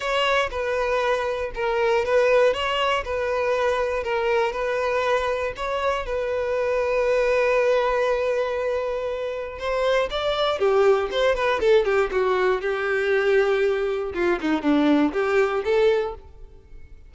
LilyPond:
\new Staff \with { instrumentName = "violin" } { \time 4/4 \tempo 4 = 119 cis''4 b'2 ais'4 | b'4 cis''4 b'2 | ais'4 b'2 cis''4 | b'1~ |
b'2. c''4 | d''4 g'4 c''8 b'8 a'8 g'8 | fis'4 g'2. | f'8 dis'8 d'4 g'4 a'4 | }